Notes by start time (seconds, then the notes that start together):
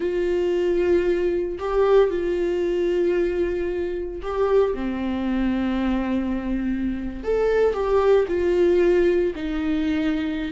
0.00 F4
1.58 G4
2.10 F4
4.22 G4
4.74 C4
7.23 A4
7.73 G4
8.28 F4
9.35 D#4